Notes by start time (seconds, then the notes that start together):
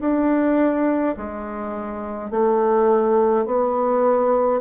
0.00 D4
1.16 G#3
2.30 A3
3.45 B3